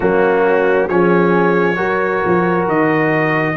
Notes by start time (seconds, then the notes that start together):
0.00 F#3 A#3 C#4 F#4
0.88 F3 C#4 G#4 C#5
1.75 F#3 F#4 A#4
2.25 F3
2.67 D#3 D#5